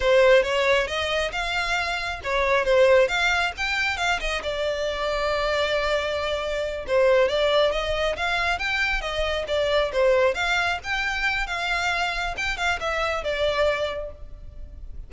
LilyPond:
\new Staff \with { instrumentName = "violin" } { \time 4/4 \tempo 4 = 136 c''4 cis''4 dis''4 f''4~ | f''4 cis''4 c''4 f''4 | g''4 f''8 dis''8 d''2~ | d''2.~ d''8 c''8~ |
c''8 d''4 dis''4 f''4 g''8~ | g''8 dis''4 d''4 c''4 f''8~ | f''8 g''4. f''2 | g''8 f''8 e''4 d''2 | }